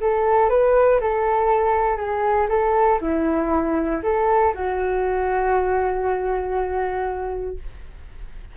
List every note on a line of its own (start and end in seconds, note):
0.00 0.49 A4
0.49 1.00 B4
1.00 1.97 A4
1.97 2.47 G#4
2.48 2.99 A4
3.01 4.02 E4
4.02 4.53 A4
4.54 7.56 F#4